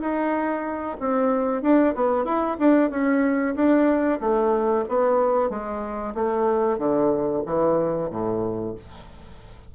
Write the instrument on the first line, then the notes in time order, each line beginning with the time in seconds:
bassoon
0.00 D#4
1.00 C4
1.62 D4
1.95 B3
2.25 E4
2.59 D4
2.90 C#4
3.55 D4
4.20 A3
4.88 B3
5.50 G#3
6.15 A3
6.78 D3
7.46 E3
8.10 A2